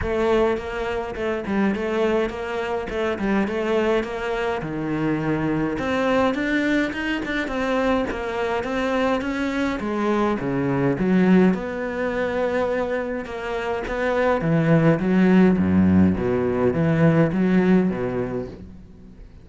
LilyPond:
\new Staff \with { instrumentName = "cello" } { \time 4/4 \tempo 4 = 104 a4 ais4 a8 g8 a4 | ais4 a8 g8 a4 ais4 | dis2 c'4 d'4 | dis'8 d'8 c'4 ais4 c'4 |
cis'4 gis4 cis4 fis4 | b2. ais4 | b4 e4 fis4 fis,4 | b,4 e4 fis4 b,4 | }